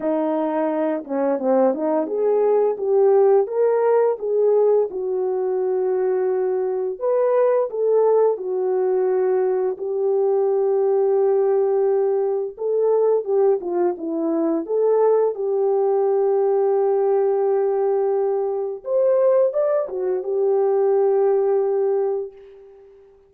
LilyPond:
\new Staff \with { instrumentName = "horn" } { \time 4/4 \tempo 4 = 86 dis'4. cis'8 c'8 dis'8 gis'4 | g'4 ais'4 gis'4 fis'4~ | fis'2 b'4 a'4 | fis'2 g'2~ |
g'2 a'4 g'8 f'8 | e'4 a'4 g'2~ | g'2. c''4 | d''8 fis'8 g'2. | }